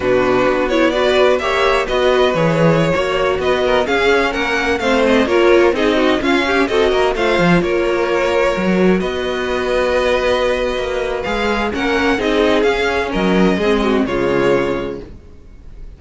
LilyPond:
<<
  \new Staff \with { instrumentName = "violin" } { \time 4/4 \tempo 4 = 128 b'4. cis''8 d''4 e''4 | dis''4 cis''2~ cis''16 dis''8.~ | dis''16 f''4 fis''4 f''8 dis''8 cis''8.~ | cis''16 dis''4 f''4 dis''4 f''8.~ |
f''16 cis''2. dis''8.~ | dis''1 | f''4 fis''4 dis''4 f''4 | dis''2 cis''2 | }
  \new Staff \with { instrumentName = "violin" } { \time 4/4 fis'2 b'4 cis''4 | b'2~ b'16 cis''4 b'8 ais'16~ | ais'16 gis'4 ais'4 c''4 ais'8.~ | ais'16 gis'8 fis'8 f'8 g'8 a'8 ais'8 c''8.~ |
c''16 ais'2. b'8.~ | b'1~ | b'4 ais'4 gis'2 | ais'4 gis'8 fis'8 f'2 | }
  \new Staff \with { instrumentName = "viola" } { \time 4/4 d'4. e'8 fis'4 g'4 | fis'4 gis'4~ gis'16 fis'4.~ fis'16~ | fis'16 cis'2 c'4 f'8.~ | f'16 dis'4 cis'4 fis'4 f'8.~ |
f'2~ f'16 fis'4.~ fis'16~ | fis'1 | gis'4 cis'4 dis'4 cis'4~ | cis'4 c'4 gis2 | }
  \new Staff \with { instrumentName = "cello" } { \time 4/4 b,4 b2 ais4 | b4 e4~ e16 ais4 b8.~ | b16 cis'4 ais4 a4 ais8.~ | ais16 c'4 cis'4 c'8 ais8 a8 f16~ |
f16 ais2 fis4 b8.~ | b2. ais4 | gis4 ais4 c'4 cis'4 | fis4 gis4 cis2 | }
>>